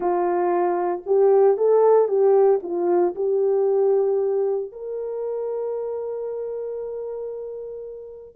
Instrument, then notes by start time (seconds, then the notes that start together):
horn
0.00 F4
1.06 G4
1.57 A4
2.08 G4
2.62 F4
3.15 G4
4.72 A#4